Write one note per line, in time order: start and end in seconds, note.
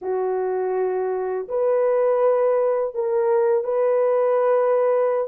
0.01 1.48 F#4
1.48 2.94 B4
2.94 3.64 A#4
3.64 5.27 B4